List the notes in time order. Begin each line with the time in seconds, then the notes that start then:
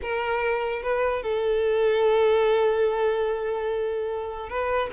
0.01 A#4
0.82 B4
1.22 A4
4.49 B4